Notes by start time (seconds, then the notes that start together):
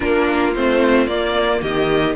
0.00 A#3 D4 F4 A#4
0.55 A3 C4 C5
1.07 A#3 D5
1.61 D#3 G4 D#5